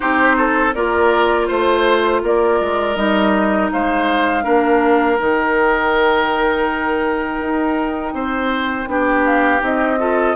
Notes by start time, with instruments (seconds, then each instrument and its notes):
0.00 bassoon C4, clarinet D#4, oboe G4, flute C5
0.37 oboe A4
0.73 bassoon A#3, clarinet F4, oboe A#4, flute D5
1.46 bassoon A3, flute C5, oboe C5
2.23 bassoon A#3, oboe A#4, flute D5
2.60 bassoon G#3
2.95 bassoon G3, clarinet D#4, flute D#5
3.72 bassoon G#3, oboe C5, flute F5
4.42 bassoon A#3, clarinet D4, oboe A#4
5.18 bassoon D#3, clarinet D#4, flute G5
7.40 bassoon D#4
8.13 bassoon C4, oboe C5
8.87 bassoon B3, clarinet D4, oboe G4
9.25 flute F5
9.59 bassoon C4, clarinet D#4, flute D#5
9.99 clarinet F4, oboe A4